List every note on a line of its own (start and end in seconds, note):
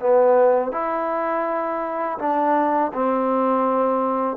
0.00 0.72 B3
0.72 2.18 E4
2.19 2.92 D4
2.93 4.37 C4